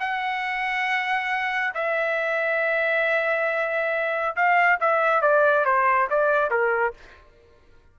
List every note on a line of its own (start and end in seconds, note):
0.00 1.74 F#5
1.75 4.36 E5
4.37 4.80 F5
4.81 5.22 E5
5.22 5.66 D5
5.66 6.09 C5
6.11 6.51 D5
6.51 6.94 A#4